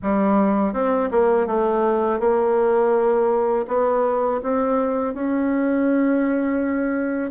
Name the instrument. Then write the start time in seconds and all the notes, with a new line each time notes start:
bassoon
0.02 G3
0.73 C4
1.11 A#3
1.46 A3
2.20 A#3
3.67 B3
4.42 C4
5.14 C#4